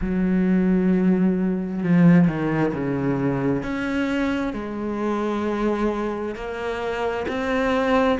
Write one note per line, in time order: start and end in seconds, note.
0.01 1.83 F#3
1.83 2.27 F3
2.27 2.73 D#3
2.73 3.62 C#3
3.62 4.53 C#4
4.53 6.35 G#3
6.35 7.26 A#3
7.27 8.18 C4